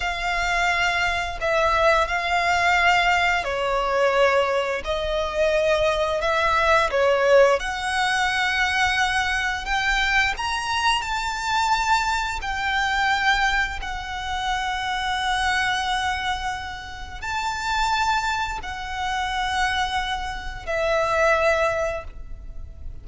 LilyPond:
\new Staff \with { instrumentName = "violin" } { \time 4/4 \tempo 4 = 87 f''2 e''4 f''4~ | f''4 cis''2 dis''4~ | dis''4 e''4 cis''4 fis''4~ | fis''2 g''4 ais''4 |
a''2 g''2 | fis''1~ | fis''4 a''2 fis''4~ | fis''2 e''2 | }